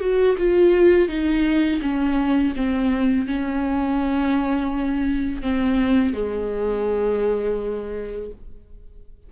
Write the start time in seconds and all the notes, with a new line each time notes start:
0.00 F#4
0.38 F4
1.08 D#4
1.81 C#4
2.56 C4
3.27 C#4
5.42 C4
6.14 G#3